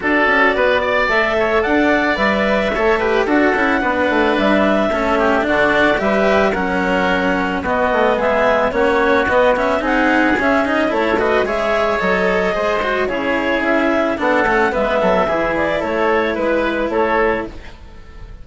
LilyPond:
<<
  \new Staff \with { instrumentName = "clarinet" } { \time 4/4 \tempo 4 = 110 d''2 e''4 fis''4 | e''2 fis''2 | e''2 d''4 e''4 | fis''2 dis''4 e''4 |
cis''4 dis''8 e''8 fis''4 e''8 dis''8 | cis''8 dis''8 e''4 dis''2 | cis''4 e''4 fis''4 e''4~ | e''8 d''8 cis''4 b'4 cis''4 | }
  \new Staff \with { instrumentName = "oboe" } { \time 4/4 a'4 b'8 d''4 cis''8 d''4~ | d''4 cis''8 b'8 a'4 b'4~ | b'4 a'8 g'8 fis'4 b'4 | ais'2 fis'4 gis'4 |
fis'2 gis'2 | a'8 b'8 cis''2 c''4 | gis'2 a'4 b'8 a'8 | gis'4 a'4 b'4 a'4 | }
  \new Staff \with { instrumentName = "cello" } { \time 4/4 fis'2 a'2 | b'4 a'8 g'8 fis'8 e'8 d'4~ | d'4 cis'4 d'4 g'4 | cis'2 b2 |
cis'4 b8 cis'8 dis'4 cis'8 dis'8 | e'8 fis'8 gis'4 a'4 gis'8 fis'8 | e'2 d'8 cis'8 b4 | e'1 | }
  \new Staff \with { instrumentName = "bassoon" } { \time 4/4 d'8 cis'8 b4 a4 d'4 | g4 a4 d'8 cis'8 b8 a8 | g4 a4 d4 g4 | fis2 b8 a8 gis4 |
ais4 b4 c'4 cis'4 | a4 gis4 fis4 gis4 | cis4 cis'4 b8 a8 gis8 fis8 | e4 a4 gis4 a4 | }
>>